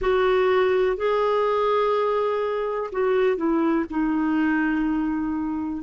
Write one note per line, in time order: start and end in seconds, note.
0.00 0.96 F#4
0.96 2.90 G#4
2.92 3.37 F#4
3.37 3.85 E4
3.89 5.83 D#4